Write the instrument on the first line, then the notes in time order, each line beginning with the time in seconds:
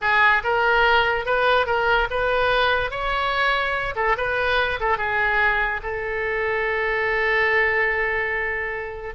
oboe
0.01 G#4
0.43 A#4
1.25 B4
1.66 A#4
2.10 B4
2.90 C#5
3.95 A4
4.17 B4
4.80 A4
4.97 G#4
5.82 A4